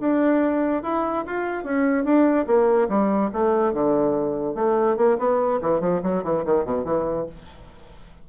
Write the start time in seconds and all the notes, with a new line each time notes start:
0.00 D4
0.83 E4
1.27 F4
1.64 C#4
2.04 D4
2.47 A#3
2.89 G3
3.33 A3
3.73 D3
4.55 A3
4.97 A#3
5.19 B3
5.62 E3
5.80 F3
6.03 F#3
6.24 E3
6.45 D#3
6.65 B2
6.85 E3